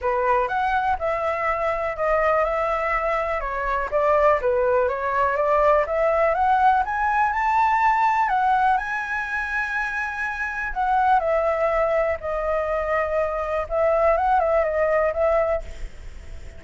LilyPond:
\new Staff \with { instrumentName = "flute" } { \time 4/4 \tempo 4 = 123 b'4 fis''4 e''2 | dis''4 e''2 cis''4 | d''4 b'4 cis''4 d''4 | e''4 fis''4 gis''4 a''4~ |
a''4 fis''4 gis''2~ | gis''2 fis''4 e''4~ | e''4 dis''2. | e''4 fis''8 e''8 dis''4 e''4 | }